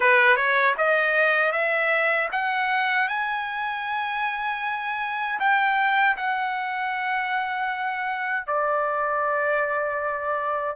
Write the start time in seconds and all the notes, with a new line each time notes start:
0.00 B4
0.36 C#5
0.77 D#5
1.51 E5
2.31 F#5
3.08 G#5
5.39 G5
6.16 F#5
8.47 D5